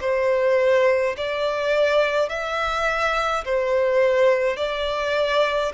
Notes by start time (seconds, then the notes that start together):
0.00 C5
1.16 D5
2.29 E5
3.45 C5
4.56 D5